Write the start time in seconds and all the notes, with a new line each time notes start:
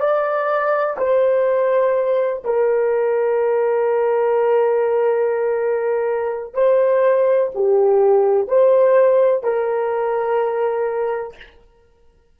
0.00 D5
0.98 C5
2.45 A#4
6.54 C5
7.55 G4
8.48 C5
9.44 A#4